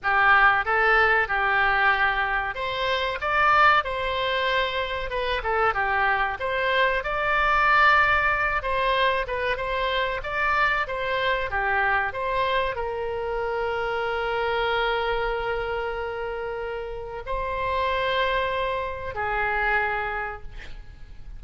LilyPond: \new Staff \with { instrumentName = "oboe" } { \time 4/4 \tempo 4 = 94 g'4 a'4 g'2 | c''4 d''4 c''2 | b'8 a'8 g'4 c''4 d''4~ | d''4. c''4 b'8 c''4 |
d''4 c''4 g'4 c''4 | ais'1~ | ais'2. c''4~ | c''2 gis'2 | }